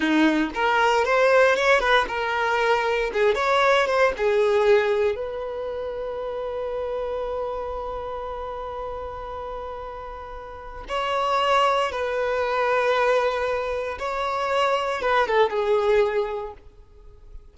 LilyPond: \new Staff \with { instrumentName = "violin" } { \time 4/4 \tempo 4 = 116 dis'4 ais'4 c''4 cis''8 b'8 | ais'2 gis'8 cis''4 c''8 | gis'2 b'2~ | b'1~ |
b'1~ | b'4 cis''2 b'4~ | b'2. cis''4~ | cis''4 b'8 a'8 gis'2 | }